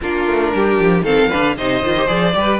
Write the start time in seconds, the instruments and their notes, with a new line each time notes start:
0.01 cello A#3, viola D4, violin F4 A#4
0.26 cello A3
0.54 cello G3, violin G4
0.80 cello F3
1.02 cello D#3, viola C4, violin A4 F5
1.29 cello D3, viola D4, violin B4
1.56 cello C3, viola D#4, violin C5 D#5
1.82 cello D#3, viola F4
1.97 viola G4
2.07 cello F3, viola G#4, violin D5
2.34 cello G3, viola G4, violin B4